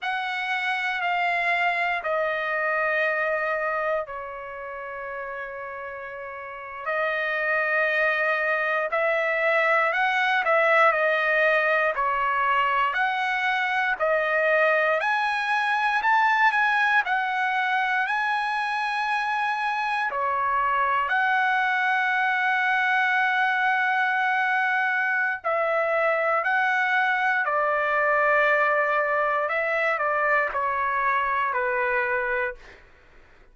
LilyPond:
\new Staff \with { instrumentName = "trumpet" } { \time 4/4 \tempo 4 = 59 fis''4 f''4 dis''2 | cis''2~ cis''8. dis''4~ dis''16~ | dis''8. e''4 fis''8 e''8 dis''4 cis''16~ | cis''8. fis''4 dis''4 gis''4 a''16~ |
a''16 gis''8 fis''4 gis''2 cis''16~ | cis''8. fis''2.~ fis''16~ | fis''4 e''4 fis''4 d''4~ | d''4 e''8 d''8 cis''4 b'4 | }